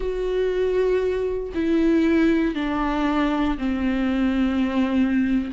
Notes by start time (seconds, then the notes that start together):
0.00 F#4
1.54 E4
2.55 D4
3.58 C4